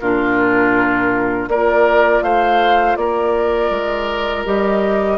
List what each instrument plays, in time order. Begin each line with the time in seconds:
0.00 bassoon A#2, clarinet D4, oboe F4, flute A#4
1.48 bassoon A#3, clarinet F4, oboe A#4, flute D5
2.23 bassoon A3, oboe C5, flute F5
2.96 bassoon A#3, oboe A#4, flute D5
3.71 bassoon G#3
4.46 bassoon G3, clarinet G4, flute D#5